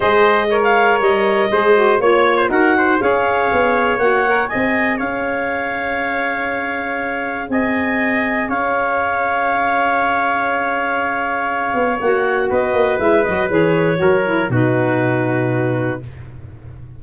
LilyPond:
<<
  \new Staff \with { instrumentName = "clarinet" } { \time 4/4 \tempo 4 = 120 dis''4~ dis''16 f''8. dis''2 | cis''4 fis''4 f''2 | fis''4 gis''4 f''2~ | f''2. gis''4~ |
gis''4 f''2.~ | f''1 | fis''4 dis''4 e''8 dis''8 cis''4~ | cis''4 b'2. | }
  \new Staff \with { instrumentName = "trumpet" } { \time 4/4 c''4 cis''2 c''4 | cis''8. c''16 ais'8 c''8 cis''2~ | cis''4 dis''4 cis''2~ | cis''2. dis''4~ |
dis''4 cis''2.~ | cis''1~ | cis''4 b'2. | ais'4 fis'2. | }
  \new Staff \with { instrumentName = "saxophone" } { \time 4/4 gis'4 ais'2 gis'8 fis'8 | f'4 fis'4 gis'2 | fis'8 ais'8 gis'2.~ | gis'1~ |
gis'1~ | gis'1 | fis'2 e'8 fis'8 gis'4 | fis'8 e'8 dis'2. | }
  \new Staff \with { instrumentName = "tuba" } { \time 4/4 gis2 g4 gis4 | ais4 dis'4 cis'4 b4 | ais4 c'4 cis'2~ | cis'2. c'4~ |
c'4 cis'2.~ | cis'2.~ cis'8 b8 | ais4 b8 ais8 gis8 fis8 e4 | fis4 b,2. | }
>>